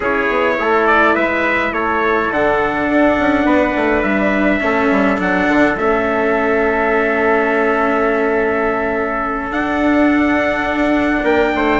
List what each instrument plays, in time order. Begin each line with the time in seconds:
0.00 bassoon C#4, cello E4, trumpet G#4 C#5
0.29 bassoon B3
0.59 bassoon A3, trumpet A4
0.86 trumpet D5
1.14 bassoon G#3, trumpet B4 E5
1.72 bassoon A3, trumpet A4 C#5
2.30 bassoon D3, cello D4, trumpet F#5
2.89 bassoon D4
3.19 bassoon C#4
3.45 bassoon B3, trumpet B4
3.75 bassoon A3
4.03 bassoon G3, trumpet E5
4.60 bassoon A3, cello C#4, trumpet A4
4.91 bassoon G3
5.17 bassoon F#3, cello D4, trumpet F#5
5.48 bassoon D3
5.77 bassoon A3, cello C#4, trumpet E5
9.51 cello D4, bassoon D4, trumpet F#5
11.23 bassoon A#3, trumpet A#4 G5
11.54 bassoon A3, trumpet C5